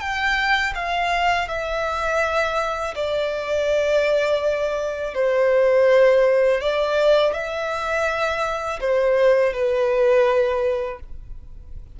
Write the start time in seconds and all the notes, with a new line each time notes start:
0.00 G5
0.75 F5
1.48 E5
2.95 D5
5.15 C5
6.61 D5
7.33 E5
8.80 C5
9.54 B4